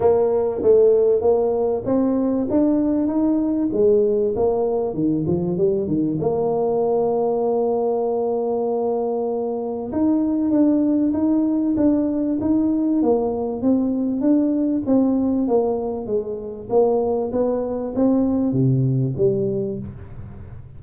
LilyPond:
\new Staff \with { instrumentName = "tuba" } { \time 4/4 \tempo 4 = 97 ais4 a4 ais4 c'4 | d'4 dis'4 gis4 ais4 | dis8 f8 g8 dis8 ais2~ | ais1 |
dis'4 d'4 dis'4 d'4 | dis'4 ais4 c'4 d'4 | c'4 ais4 gis4 ais4 | b4 c'4 c4 g4 | }